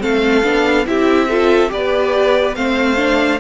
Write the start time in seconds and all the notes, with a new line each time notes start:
0.00 A3 C4 A4 F5
0.44 B3 D4
0.86 C4 E4 G4 E5
1.29 F4 A4
1.69 B3 G4 B4 D5
2.56 A3 C4 C5 F5
2.97 D4